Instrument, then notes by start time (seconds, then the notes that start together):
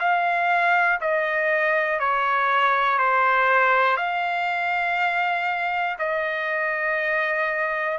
trumpet
0.00 F5
1.01 D#5
2.00 C#5
2.99 C5
3.97 F5
5.99 D#5